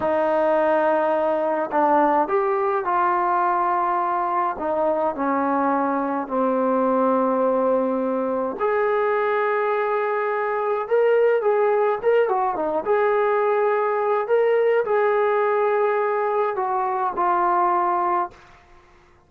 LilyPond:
\new Staff \with { instrumentName = "trombone" } { \time 4/4 \tempo 4 = 105 dis'2. d'4 | g'4 f'2. | dis'4 cis'2 c'4~ | c'2. gis'4~ |
gis'2. ais'4 | gis'4 ais'8 fis'8 dis'8 gis'4.~ | gis'4 ais'4 gis'2~ | gis'4 fis'4 f'2 | }